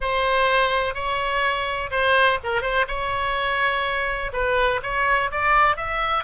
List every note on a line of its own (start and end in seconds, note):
0.00 0.94 C5
0.94 1.90 C#5
1.90 2.38 C5
2.43 2.61 A#4
2.61 2.85 C5
2.87 4.31 C#5
4.32 4.80 B4
4.82 5.30 C#5
5.31 5.76 D5
5.76 6.24 E5